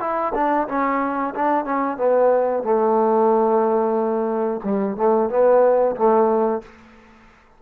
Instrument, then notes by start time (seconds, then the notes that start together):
trombone
0.00 E4
0.34 D4
0.68 C#4
1.35 D4
1.65 C#4
1.97 B3
2.63 A3
4.64 G3
4.97 A3
5.30 B3
5.96 A3